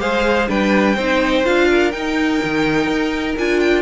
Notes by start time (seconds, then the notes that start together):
0.00 G#3 G#4 C5 F5
0.48 G3 D4 B4 G5
0.96 C4 D#4 C5
1.44 D4 F4 F5
1.69 A#4
1.92 D#4 G5
2.44 D#3
2.87 D#4
3.38 D4 F4 G#5
3.60 G5